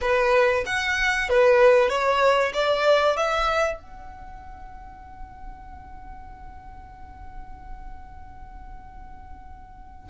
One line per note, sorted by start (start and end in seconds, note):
0.01 0.64 B4
0.65 1.29 F#5
1.29 1.89 B4
1.89 2.52 C#5
2.53 3.16 D5
3.16 3.79 E5
3.79 10.09 F#5